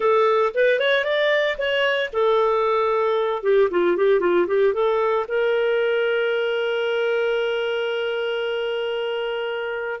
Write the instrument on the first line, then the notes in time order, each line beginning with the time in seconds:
clarinet
0.00 A4
0.54 B4
0.79 C#5
1.04 D5
1.57 C#5
2.12 A4
3.43 G4
3.70 F4
3.96 G4
4.20 F4
4.47 G4
4.73 A4
5.28 A#4